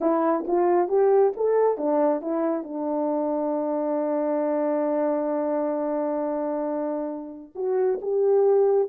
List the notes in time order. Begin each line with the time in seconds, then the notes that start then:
0.00 E4
0.47 F4
0.88 G4
1.36 A4
1.77 D4
2.21 E4
2.63 D4
7.55 F#4
8.01 G4